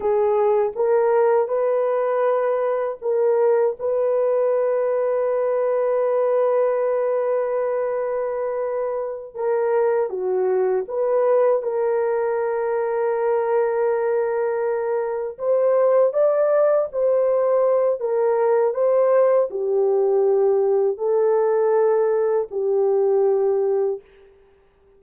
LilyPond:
\new Staff \with { instrumentName = "horn" } { \time 4/4 \tempo 4 = 80 gis'4 ais'4 b'2 | ais'4 b'2.~ | b'1~ | b'8 ais'4 fis'4 b'4 ais'8~ |
ais'1~ | ais'8 c''4 d''4 c''4. | ais'4 c''4 g'2 | a'2 g'2 | }